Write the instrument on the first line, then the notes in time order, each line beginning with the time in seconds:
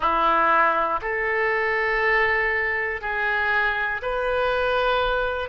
oboe
0.00 E4
1.01 A4
3.01 G#4
4.02 B4